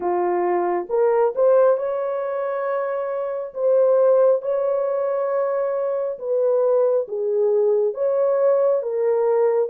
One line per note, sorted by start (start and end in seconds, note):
0.00 0.87 F4
0.89 1.33 A#4
1.35 1.77 C5
1.77 3.53 C#5
3.54 4.42 C5
4.42 6.18 C#5
6.18 7.07 B4
7.08 7.94 G#4
7.94 8.82 C#5
8.82 9.69 A#4